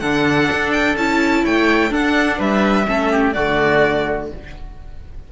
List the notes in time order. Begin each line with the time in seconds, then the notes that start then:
0.00 D3 D4 A4 F#5
0.51 D4
0.72 G5
0.96 C#4 E4 A5
1.44 A3 C#5 G5
1.90 D4 A4 F#5
2.38 G3 B4 E5
2.86 A3 C#4 A4
3.12 G4
3.33 D3 A3 F#4 D5